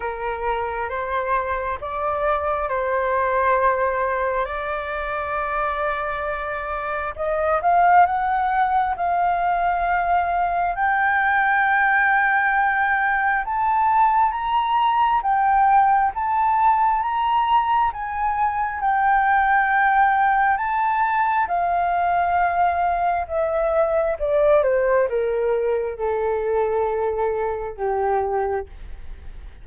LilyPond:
\new Staff \with { instrumentName = "flute" } { \time 4/4 \tempo 4 = 67 ais'4 c''4 d''4 c''4~ | c''4 d''2. | dis''8 f''8 fis''4 f''2 | g''2. a''4 |
ais''4 g''4 a''4 ais''4 | gis''4 g''2 a''4 | f''2 e''4 d''8 c''8 | ais'4 a'2 g'4 | }